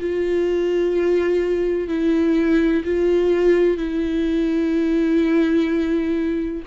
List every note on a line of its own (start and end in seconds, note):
0.00 1.88 F4
1.88 2.84 E4
2.85 3.77 F4
3.77 6.63 E4